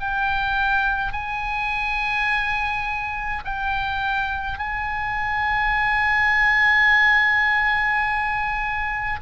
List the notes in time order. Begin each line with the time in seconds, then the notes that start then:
0.00 G5
1.13 G#5
3.45 G5
4.58 G#5